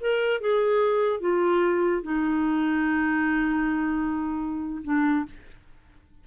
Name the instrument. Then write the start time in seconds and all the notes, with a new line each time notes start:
clarinet
0.00 A#4
0.40 G#4
1.20 F4
2.02 D#4
4.84 D4